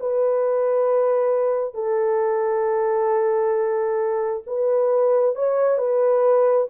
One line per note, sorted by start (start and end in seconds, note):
0.00 1.75 B4
1.75 4.43 A4
4.47 5.36 B4
5.36 5.78 C#5
5.78 6.68 B4